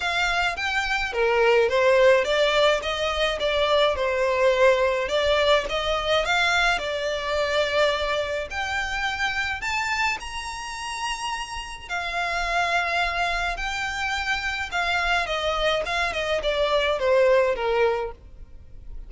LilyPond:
\new Staff \with { instrumentName = "violin" } { \time 4/4 \tempo 4 = 106 f''4 g''4 ais'4 c''4 | d''4 dis''4 d''4 c''4~ | c''4 d''4 dis''4 f''4 | d''2. g''4~ |
g''4 a''4 ais''2~ | ais''4 f''2. | g''2 f''4 dis''4 | f''8 dis''8 d''4 c''4 ais'4 | }